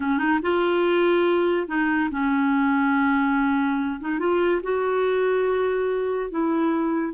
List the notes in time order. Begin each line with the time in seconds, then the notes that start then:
0.00 C#4
0.18 D#4
0.42 F4
1.67 D#4
2.11 C#4
4.00 D#4
4.19 F4
4.63 F#4
6.30 E4